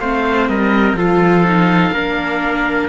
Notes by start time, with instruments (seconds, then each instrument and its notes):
0.00 cello A3, viola C4, trumpet C5, oboe F5
0.48 cello G3, trumpet A#4, oboe D#5
0.94 cello F3, viola F4, trumpet A4, oboe F5
1.45 viola D#4
1.92 cello A#3, viola D4, trumpet A#4